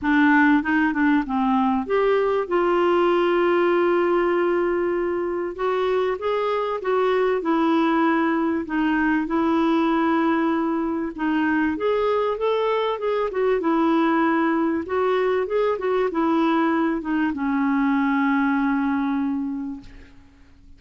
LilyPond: \new Staff \with { instrumentName = "clarinet" } { \time 4/4 \tempo 4 = 97 d'4 dis'8 d'8 c'4 g'4 | f'1~ | f'4 fis'4 gis'4 fis'4 | e'2 dis'4 e'4~ |
e'2 dis'4 gis'4 | a'4 gis'8 fis'8 e'2 | fis'4 gis'8 fis'8 e'4. dis'8 | cis'1 | }